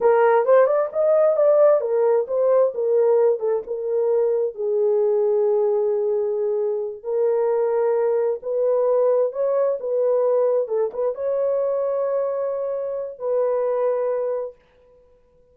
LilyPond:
\new Staff \with { instrumentName = "horn" } { \time 4/4 \tempo 4 = 132 ais'4 c''8 d''8 dis''4 d''4 | ais'4 c''4 ais'4. a'8 | ais'2 gis'2~ | gis'2.~ gis'8 ais'8~ |
ais'2~ ais'8 b'4.~ | b'8 cis''4 b'2 a'8 | b'8 cis''2.~ cis''8~ | cis''4 b'2. | }